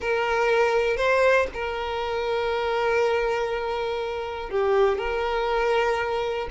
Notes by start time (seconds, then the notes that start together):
0.00 A#4
0.97 C5
1.53 A#4
4.50 G4
4.98 A#4